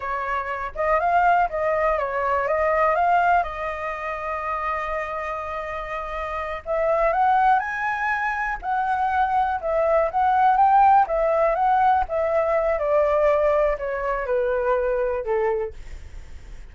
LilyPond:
\new Staff \with { instrumentName = "flute" } { \time 4/4 \tempo 4 = 122 cis''4. dis''8 f''4 dis''4 | cis''4 dis''4 f''4 dis''4~ | dis''1~ | dis''4. e''4 fis''4 gis''8~ |
gis''4. fis''2 e''8~ | e''8 fis''4 g''4 e''4 fis''8~ | fis''8 e''4. d''2 | cis''4 b'2 a'4 | }